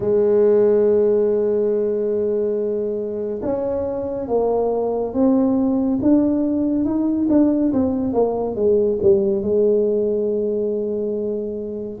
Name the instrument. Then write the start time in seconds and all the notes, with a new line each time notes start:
tuba
0.00 G#3
3.42 C#4
4.27 A#3
5.13 C4
6.02 D4
6.84 D#4
7.29 D4
7.73 C4
8.13 A#3
8.55 G#3
9.02 G3
9.42 G#3